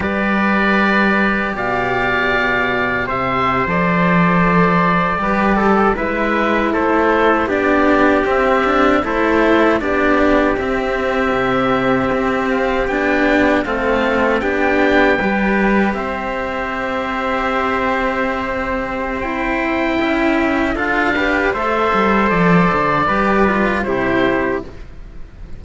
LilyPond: <<
  \new Staff \with { instrumentName = "oboe" } { \time 4/4 \tempo 4 = 78 d''2 f''2 | e''8. d''2. e''16~ | e''8. c''4 d''4 e''4 c''16~ | c''8. d''4 e''2~ e''16~ |
e''16 f''8 g''4 f''4 g''4~ g''16~ | g''8. e''2.~ e''16~ | e''4 g''2 f''4 | e''4 d''2 c''4 | }
  \new Staff \with { instrumentName = "trumpet" } { \time 4/4 b'2 d''2 | c''2~ c''8. b'8 a'8 b'16~ | b'8. a'4 g'2 a'16~ | a'8. g'2.~ g'16~ |
g'4.~ g'16 a'4 g'4 b'16~ | b'8. c''2.~ c''16~ | c''2 e''4 a'8 b'8 | c''2 b'4 g'4 | }
  \new Staff \with { instrumentName = "cello" } { \time 4/4 g'1~ | g'8. a'2 g'4 e'16~ | e'4.~ e'16 d'4 c'8 d'8 e'16~ | e'8. d'4 c'2~ c'16~ |
c'8. d'4 c'4 d'4 g'16~ | g'1~ | g'4 e'2 f'8 g'8 | a'2 g'8 f'8 e'4 | }
  \new Staff \with { instrumentName = "cello" } { \time 4/4 g2 b,2 | c8. f2 g4 gis16~ | gis8. a4 b4 c'4 a16~ | a8. b4 c'4 c4 c'16~ |
c'8. b4 a4 b4 g16~ | g8. c'2.~ c'16~ | c'2 cis'4 d'4 | a8 g8 f8 d8 g4 c4 | }
>>